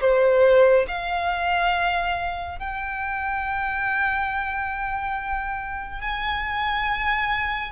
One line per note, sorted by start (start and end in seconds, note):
0.00 0.86 C5
0.87 2.59 F5
2.59 6.01 G5
6.01 7.71 G#5